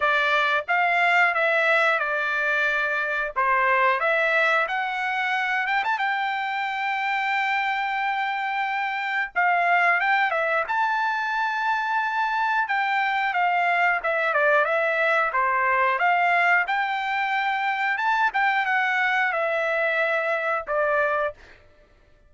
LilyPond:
\new Staff \with { instrumentName = "trumpet" } { \time 4/4 \tempo 4 = 90 d''4 f''4 e''4 d''4~ | d''4 c''4 e''4 fis''4~ | fis''8 g''16 a''16 g''2.~ | g''2 f''4 g''8 e''8 |
a''2. g''4 | f''4 e''8 d''8 e''4 c''4 | f''4 g''2 a''8 g''8 | fis''4 e''2 d''4 | }